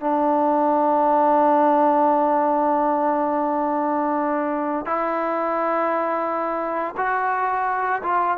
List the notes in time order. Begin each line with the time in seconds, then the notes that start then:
0.00 D4
4.86 E4
6.97 F#4
8.02 F4